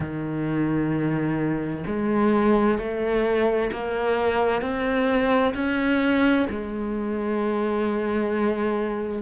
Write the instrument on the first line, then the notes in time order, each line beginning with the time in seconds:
cello
0.00 D#3
1.86 G#3
2.78 A3
3.72 A#3
4.62 C4
5.54 C#4
6.50 G#3